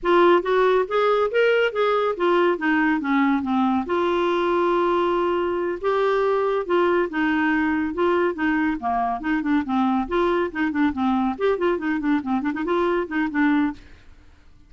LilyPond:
\new Staff \with { instrumentName = "clarinet" } { \time 4/4 \tempo 4 = 140 f'4 fis'4 gis'4 ais'4 | gis'4 f'4 dis'4 cis'4 | c'4 f'2.~ | f'4. g'2 f'8~ |
f'8 dis'2 f'4 dis'8~ | dis'8 ais4 dis'8 d'8 c'4 f'8~ | f'8 dis'8 d'8 c'4 g'8 f'8 dis'8 | d'8 c'8 d'16 dis'16 f'4 dis'8 d'4 | }